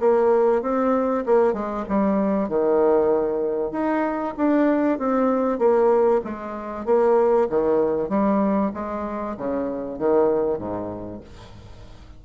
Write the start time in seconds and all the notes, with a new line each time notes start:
0.00 A#3
0.62 C4
1.26 A#3
1.53 G#3
1.89 G3
2.49 D#3
3.72 D#4
4.37 D4
4.99 C4
5.59 A#3
6.24 G#3
6.86 A#3
7.50 D#3
8.09 G3
8.74 G#3
9.37 C#3
9.99 D#3
10.58 G#2